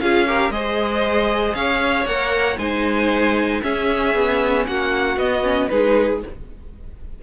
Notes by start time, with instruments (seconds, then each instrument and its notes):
0.00 cello C#4, viola F4, violin G#4 F5
0.27 viola G4, violin A#4
0.50 cello G#3, viola G#4, violin C5 D#5
1.54 cello C#4, violin C#5 F5
2.05 cello A#3, viola A#4, violin F#5
2.58 cello G#3, viola D#4, violin C5 G#5
3.62 viola C#4, cello C#4, violin G#4 E5
4.14 cello B3
4.66 cello A#3, violin F#4 F#5
5.16 cello B3, viola B3, violin D#5
5.43 viola C#4
5.68 cello G#3, viola D#4, violin G#4 B4